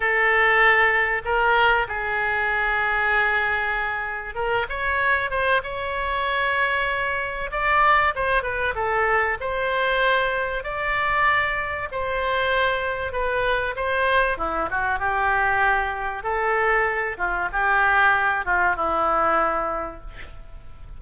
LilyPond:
\new Staff \with { instrumentName = "oboe" } { \time 4/4 \tempo 4 = 96 a'2 ais'4 gis'4~ | gis'2. ais'8 cis''8~ | cis''8 c''8 cis''2. | d''4 c''8 b'8 a'4 c''4~ |
c''4 d''2 c''4~ | c''4 b'4 c''4 e'8 fis'8 | g'2 a'4. f'8 | g'4. f'8 e'2 | }